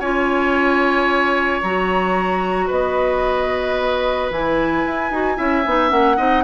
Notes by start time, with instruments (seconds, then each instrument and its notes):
0.00 bassoon C#4, clarinet F4, oboe C#5, flute G#5
1.62 bassoon F#3, clarinet F#4, flute A#5
2.67 bassoon B3, oboe B4, flute D#5
4.30 bassoon E3, clarinet E4, flute G#5
4.85 bassoon E4
5.10 bassoon D#4, clarinet F#4
5.36 bassoon C#4, clarinet E4, oboe E5
5.66 bassoon B3, clarinet D#4
5.89 bassoon A#3, clarinet C#4, flute F#5
6.17 bassoon C4, clarinet D#4, oboe D#5